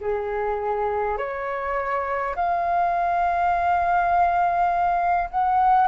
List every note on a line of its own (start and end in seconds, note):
0.00 1.17 G#4
1.17 2.35 C#5
2.35 5.29 F5
5.30 5.87 F#5